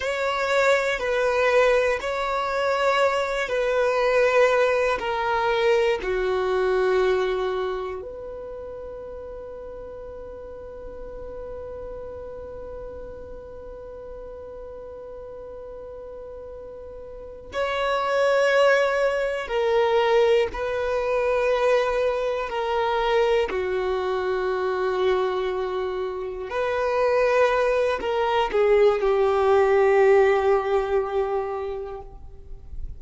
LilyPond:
\new Staff \with { instrumentName = "violin" } { \time 4/4 \tempo 4 = 60 cis''4 b'4 cis''4. b'8~ | b'4 ais'4 fis'2 | b'1~ | b'1~ |
b'4. cis''2 ais'8~ | ais'8 b'2 ais'4 fis'8~ | fis'2~ fis'8 b'4. | ais'8 gis'8 g'2. | }